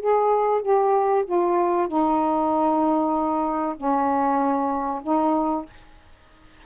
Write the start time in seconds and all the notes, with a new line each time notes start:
0.00 G#4
0.62 G4
1.26 F4
1.88 D#4
3.77 C#4
5.03 D#4